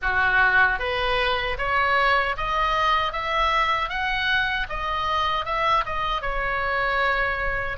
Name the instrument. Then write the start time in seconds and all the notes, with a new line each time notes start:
oboe
0.02 F#4
0.79 B4
1.58 C#5
2.37 D#5
3.12 E5
3.89 F#5
4.69 D#5
5.45 E5
5.85 D#5
6.21 C#5